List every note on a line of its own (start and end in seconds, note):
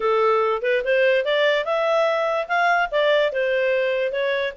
0.00 0.62 A4
0.62 0.82 B4
0.84 1.24 C5
1.24 1.64 D5
1.64 2.47 E5
2.48 2.89 F5
2.91 3.32 D5
3.32 4.12 C5
4.12 4.53 C#5